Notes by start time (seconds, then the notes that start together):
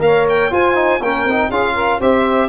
0.00 A#3 A#4 C#5 F5
0.29 G5
0.50 F4 C5 G#5
0.75 D#4
1.00 A#3 C#4 A#4 G5
1.24 C4 D#4
1.48 C#4 F4 G#4 F5
1.74 A#4
1.98 C4 G4 C5 E5